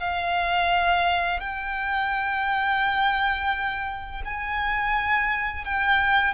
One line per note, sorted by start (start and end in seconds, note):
0.00 1.41 F5
1.41 4.23 G5
4.25 5.65 G#5
5.65 6.34 G5